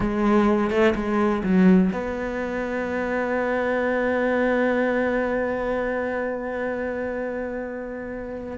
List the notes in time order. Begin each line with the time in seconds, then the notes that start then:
0.00 G#3
0.70 A3
0.95 G#3
1.43 F#3
1.92 B3